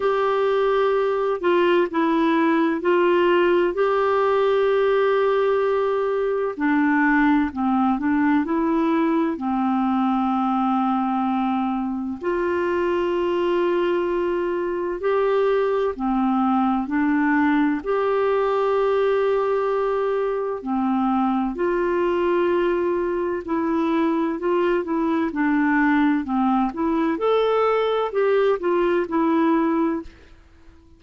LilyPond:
\new Staff \with { instrumentName = "clarinet" } { \time 4/4 \tempo 4 = 64 g'4. f'8 e'4 f'4 | g'2. d'4 | c'8 d'8 e'4 c'2~ | c'4 f'2. |
g'4 c'4 d'4 g'4~ | g'2 c'4 f'4~ | f'4 e'4 f'8 e'8 d'4 | c'8 e'8 a'4 g'8 f'8 e'4 | }